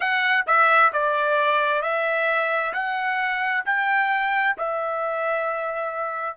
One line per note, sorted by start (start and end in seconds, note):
0.00 0.44 F#5
0.46 0.92 E5
0.92 1.82 D5
1.82 2.73 E5
2.73 3.64 F#5
3.65 4.56 G5
4.57 6.36 E5